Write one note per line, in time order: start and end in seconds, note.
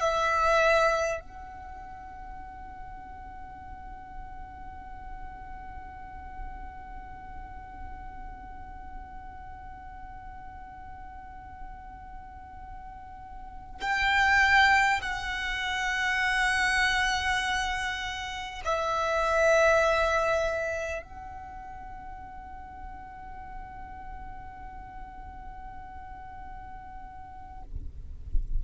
0.00 1.20 E5
1.20 13.80 F#5
13.81 15.01 G5
15.02 18.62 F#5
18.64 21.02 E5
21.02 27.62 F#5